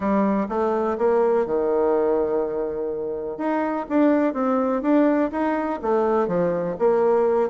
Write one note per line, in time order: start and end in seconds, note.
0.00 0.47 G3
0.48 0.97 A3
0.98 1.46 A#3
1.46 3.37 D#3
3.37 3.86 D#4
3.89 4.33 D4
4.33 4.82 C4
4.82 5.30 D4
5.31 5.80 D#4
5.82 6.27 A3
6.27 6.75 F3
6.78 7.49 A#3